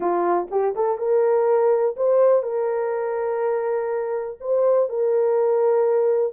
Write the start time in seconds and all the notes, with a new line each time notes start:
0.00 F4
0.50 G4
0.75 A4
0.98 A#4
1.96 C5
2.43 A#4
4.40 C5
4.89 A#4